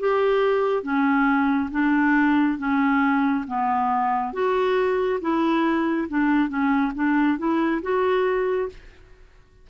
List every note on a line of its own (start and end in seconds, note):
0.00 0.83 G4
0.83 1.70 C#4
1.72 2.58 D4
2.58 3.45 C#4
3.48 4.34 B3
4.34 5.21 F#4
5.21 6.08 E4
6.09 6.49 D4
6.49 6.92 C#4
6.95 7.38 D4
7.38 7.82 E4
7.83 8.70 F#4